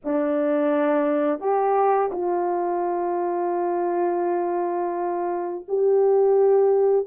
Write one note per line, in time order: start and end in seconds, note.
0.04 1.40 D4
1.40 2.10 G4
2.11 5.64 F4
5.68 7.06 G4